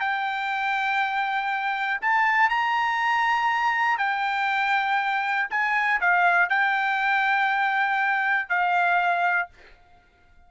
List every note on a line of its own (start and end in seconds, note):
0.00 2.00 G5
2.01 2.49 A5
2.49 3.98 A#5
3.98 5.48 G5
5.50 6.00 G#5
6.00 6.49 F5
6.49 8.49 G5
8.49 9.49 F5